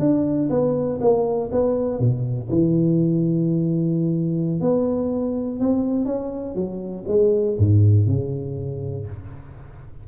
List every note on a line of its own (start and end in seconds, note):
0.00 0.50 D4
0.50 1.00 B3
1.01 1.51 A#3
1.52 2.00 B3
2.00 2.49 B2
2.50 4.61 E3
4.61 5.60 B3
5.60 6.06 C4
6.06 6.55 C#4
6.55 7.05 F#3
7.08 7.57 G#3
7.59 8.07 G#2
8.07 9.07 C#3